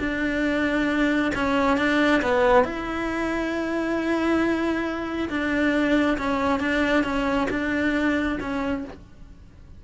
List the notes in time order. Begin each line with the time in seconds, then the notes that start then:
0.00 D4
1.35 C#4
1.78 D4
2.23 B3
2.65 E4
5.30 D4
6.18 C#4
6.60 D4
7.04 C#4
7.51 D4
8.41 C#4